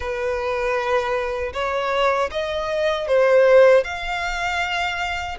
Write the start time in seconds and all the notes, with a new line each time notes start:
0.00 B4
1.53 C#5
2.31 D#5
3.07 C5
3.84 F5